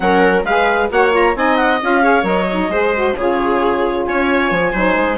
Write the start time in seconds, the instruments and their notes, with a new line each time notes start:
0.00 bassoon F#3, saxophone C#4, viola A#4, clarinet F#5
0.43 bassoon G#3, saxophone G#4, viola B4, clarinet F5
0.90 bassoon A#3, saxophone F#4, viola C#5, clarinet F#5
1.11 saxophone F4, clarinet A#5
1.35 bassoon C4, saxophone D#4, viola D#5, clarinet G#5
1.56 clarinet F#5
1.81 bassoon C#4, saxophone F4, clarinet F5
2.02 saxophone G#4, viola C#5
2.22 bassoon F#3, saxophone A#4, clarinet D#5
2.50 saxophone D#4
2.69 bassoon G#3, saxophone G#4, viola C5
2.94 saxophone F#4
3.16 bassoon C#3, saxophone F4, viola G#4, clarinet C#5
4.06 bassoon C#4, viola C#5, clarinet G#5
4.51 bassoon F3
4.72 bassoon F#3, saxophone D#4, viola C5
4.95 bassoon G#3